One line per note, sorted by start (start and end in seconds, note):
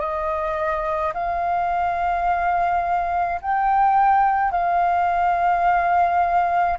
0.00 1.13 D#5
1.14 3.41 F5
3.42 4.52 G5
4.52 6.78 F5